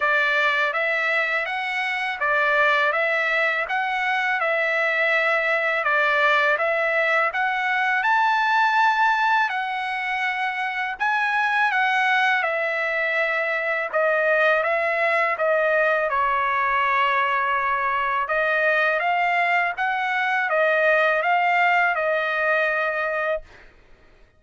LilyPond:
\new Staff \with { instrumentName = "trumpet" } { \time 4/4 \tempo 4 = 82 d''4 e''4 fis''4 d''4 | e''4 fis''4 e''2 | d''4 e''4 fis''4 a''4~ | a''4 fis''2 gis''4 |
fis''4 e''2 dis''4 | e''4 dis''4 cis''2~ | cis''4 dis''4 f''4 fis''4 | dis''4 f''4 dis''2 | }